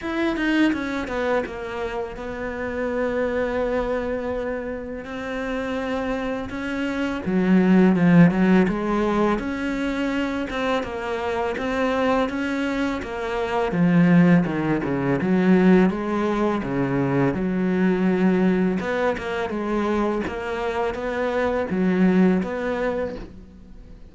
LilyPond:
\new Staff \with { instrumentName = "cello" } { \time 4/4 \tempo 4 = 83 e'8 dis'8 cis'8 b8 ais4 b4~ | b2. c'4~ | c'4 cis'4 fis4 f8 fis8 | gis4 cis'4. c'8 ais4 |
c'4 cis'4 ais4 f4 | dis8 cis8 fis4 gis4 cis4 | fis2 b8 ais8 gis4 | ais4 b4 fis4 b4 | }